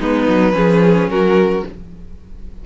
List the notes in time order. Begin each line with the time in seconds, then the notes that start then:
0.00 G#3 B3 D#4 B4
0.29 F#3
0.53 F3 C#4 G#4
1.08 F#3 F#4 A#4